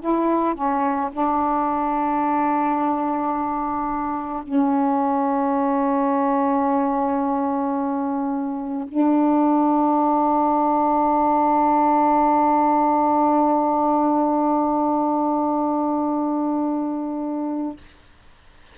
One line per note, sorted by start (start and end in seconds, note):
0.00 0.55 E4
0.55 1.10 C#4
1.12 4.43 D4
4.43 8.87 C#4
8.88 17.77 D4